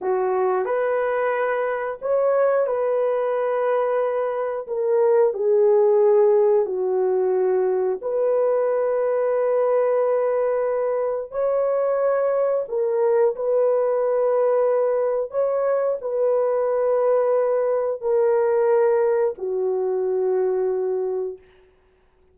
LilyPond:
\new Staff \with { instrumentName = "horn" } { \time 4/4 \tempo 4 = 90 fis'4 b'2 cis''4 | b'2. ais'4 | gis'2 fis'2 | b'1~ |
b'4 cis''2 ais'4 | b'2. cis''4 | b'2. ais'4~ | ais'4 fis'2. | }